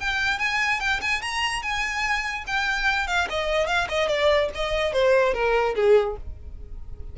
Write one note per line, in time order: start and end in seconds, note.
0.00 0.39 G5
0.39 0.80 G#5
0.80 1.00 G5
1.01 1.21 G#5
1.21 1.62 A#5
1.62 2.45 G#5
2.47 3.07 G5
3.07 3.28 F5
3.30 3.67 D#5
3.67 3.87 F5
3.89 4.08 D#5
4.08 4.49 D5
4.55 4.93 D#5
4.93 5.34 C5
5.34 5.75 A#4
5.76 6.17 G#4